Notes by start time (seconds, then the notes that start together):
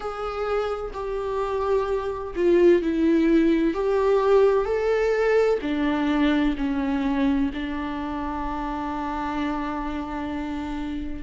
0.00 G#4
0.93 G4
2.35 F4
2.82 E4
3.73 G4
4.65 A4
5.61 D4
6.57 C#4
7.53 D4